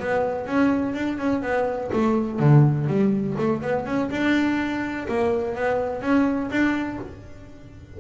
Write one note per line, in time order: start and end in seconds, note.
0.00 0.47 B3
0.47 0.94 C#4
0.94 1.18 D4
1.18 1.42 C#4
1.42 1.91 B3
1.92 2.39 A3
2.39 2.88 D3
2.88 3.36 G3
3.38 3.62 A3
3.62 3.86 B3
3.86 4.10 C#4
4.10 5.07 D4
5.08 5.55 A#3
5.55 6.01 B3
6.01 6.50 C#4
6.51 6.99 D4